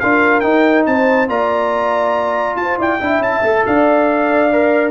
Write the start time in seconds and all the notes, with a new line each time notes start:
0.00 D4 F4 A#4 F5
0.41 D#4 G5
0.86 C4 C5 A5
1.29 A#3 F4 D5 A#5
2.56 F4 C5 A5
2.78 E4 D5 G5
3.01 D4 E4 E5
3.20 C#4 A5
3.43 A3 A4
3.66 D4 D5 F5
4.53 A#4